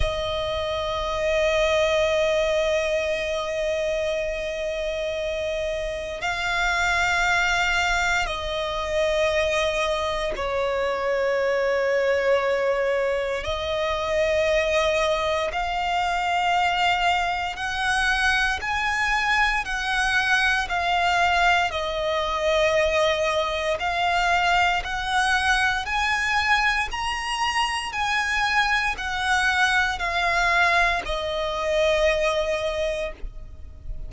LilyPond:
\new Staff \with { instrumentName = "violin" } { \time 4/4 \tempo 4 = 58 dis''1~ | dis''2 f''2 | dis''2 cis''2~ | cis''4 dis''2 f''4~ |
f''4 fis''4 gis''4 fis''4 | f''4 dis''2 f''4 | fis''4 gis''4 ais''4 gis''4 | fis''4 f''4 dis''2 | }